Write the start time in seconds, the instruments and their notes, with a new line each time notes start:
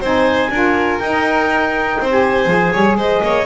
0.00 double bass C4, saxophone D#4, violin C5, clarinet G#5
0.50 double bass D4, saxophone F4, violin A#4
0.99 double bass D#4, saxophone D#4, clarinet G5
1.99 double bass C4, violin C5
2.10 saxophone G4, clarinet G#5
2.46 double bass F3, saxophone G#4
2.72 double bass G3, violin C#5
2.96 double bass G#3, violin C5, clarinet D#5
3.22 double bass A#3, violin C#5